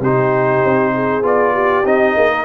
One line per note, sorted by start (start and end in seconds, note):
0.00 0.61 C3
0.00 1.22 D#4
0.00 0.93 G4
0.00 1.25 C5
0.64 1.22 C4
0.94 1.53 G#4
1.22 1.84 B3
1.22 1.84 F4
1.22 1.86 D5
1.53 2.14 G4
1.84 2.15 C4
1.84 2.45 D#4
1.84 2.45 D#5
2.14 2.45 A#3
2.14 2.29 G#4
2.31 2.45 A#4